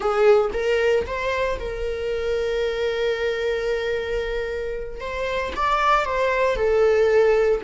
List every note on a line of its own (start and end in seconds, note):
0.00 0.50 G#4
0.53 1.06 A#4
1.06 1.59 C5
1.59 5.00 A#4
5.00 5.53 C5
5.56 6.05 D5
6.05 6.56 C5
6.56 7.61 A4